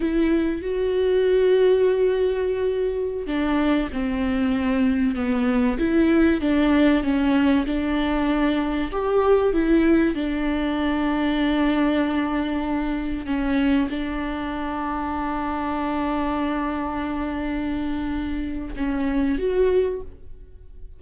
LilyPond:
\new Staff \with { instrumentName = "viola" } { \time 4/4 \tempo 4 = 96 e'4 fis'2.~ | fis'4~ fis'16 d'4 c'4.~ c'16~ | c'16 b4 e'4 d'4 cis'8.~ | cis'16 d'2 g'4 e'8.~ |
e'16 d'2.~ d'8.~ | d'4~ d'16 cis'4 d'4.~ d'16~ | d'1~ | d'2 cis'4 fis'4 | }